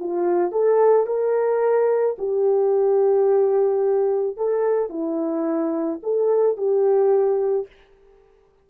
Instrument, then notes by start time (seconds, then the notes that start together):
horn
0.00 F4
0.52 A4
1.07 A#4
2.19 G4
4.37 A4
4.90 E4
6.03 A4
6.57 G4